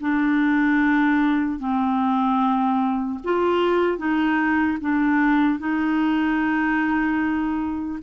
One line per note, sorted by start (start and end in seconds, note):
0.00 1.59 D4
1.59 3.19 C4
3.24 3.98 F4
3.98 4.78 D#4
4.80 5.59 D4
5.59 7.99 D#4